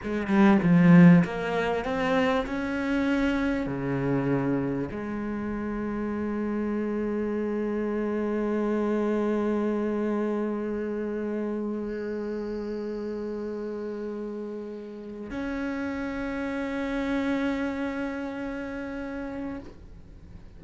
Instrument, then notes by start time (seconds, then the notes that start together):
cello
0.03 G#3
0.27 G3
0.62 F3
1.24 A#3
1.85 C4
2.46 C#4
3.66 C#3
4.91 G#3
15.30 C#4